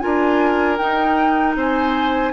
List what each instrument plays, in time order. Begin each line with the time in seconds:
0.00 bassoon D4, clarinet F4, oboe A#4, flute G#5
0.78 bassoon D#4, clarinet D#4, flute G5
1.56 bassoon C4, oboe C5, flute G#5